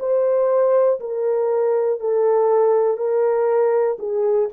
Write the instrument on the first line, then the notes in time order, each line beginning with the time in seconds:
horn
0.00 C5
1.00 A#4
2.00 A4
2.97 A#4
3.99 G#4